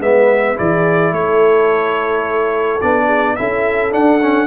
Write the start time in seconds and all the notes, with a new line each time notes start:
0.00 G#3 B3 B4 E5
0.56 E3 E4 G#4 D5
1.12 A3 A4 C#5
2.81 B3 D4 D5
3.06 G#4
3.36 C#4 E4 A4 E5
3.91 D4 F#5
4.22 C#4